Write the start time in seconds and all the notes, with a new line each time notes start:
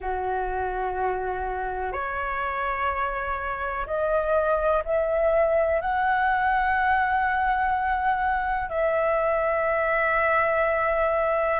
0.00 F#4
1.92 C#5
3.86 D#5
4.84 E5
5.81 F#5
8.69 E5